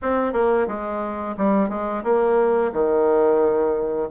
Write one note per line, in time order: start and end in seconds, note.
0.02 0.32 C4
0.32 0.67 A#3
0.67 1.35 G#3
1.37 1.69 G3
1.69 2.03 G#3
2.03 2.71 A#3
2.72 4.08 D#3